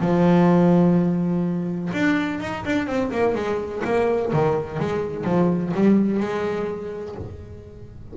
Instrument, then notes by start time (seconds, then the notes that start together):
double bass
0.00 F3
1.93 D4
2.40 D#4
2.65 D4
2.87 C4
3.11 A#3
3.35 G#3
3.84 A#3
4.32 D#3
4.79 G#3
5.24 F3
5.73 G3
6.19 G#3